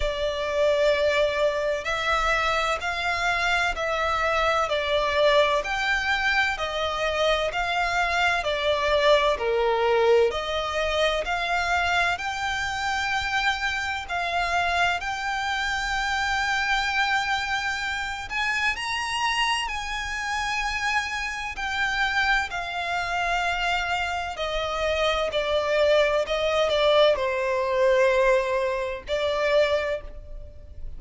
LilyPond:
\new Staff \with { instrumentName = "violin" } { \time 4/4 \tempo 4 = 64 d''2 e''4 f''4 | e''4 d''4 g''4 dis''4 | f''4 d''4 ais'4 dis''4 | f''4 g''2 f''4 |
g''2.~ g''8 gis''8 | ais''4 gis''2 g''4 | f''2 dis''4 d''4 | dis''8 d''8 c''2 d''4 | }